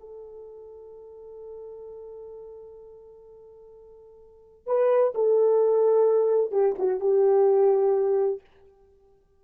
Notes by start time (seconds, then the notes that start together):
0.00 A4
4.67 B4
5.15 A4
6.52 G4
6.79 F#4
7.01 G4